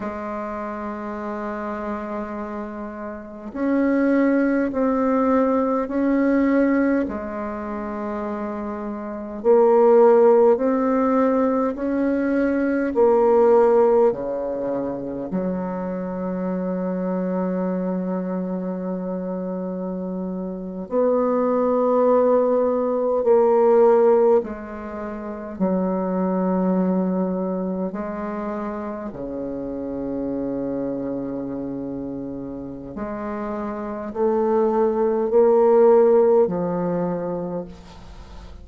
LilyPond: \new Staff \with { instrumentName = "bassoon" } { \time 4/4 \tempo 4 = 51 gis2. cis'4 | c'4 cis'4 gis2 | ais4 c'4 cis'4 ais4 | cis4 fis2.~ |
fis4.~ fis16 b2 ais16~ | ais8. gis4 fis2 gis16~ | gis8. cis2.~ cis16 | gis4 a4 ais4 f4 | }